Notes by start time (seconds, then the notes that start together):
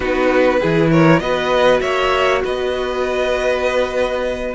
0.00 B3 D#4 F#4 B4
0.60 E3 E4 G#4
0.91 A#4 C#5
1.19 B3 F#4 B4 D#5
1.80 A#3 C#5 E5
2.44 B3 B4 D#5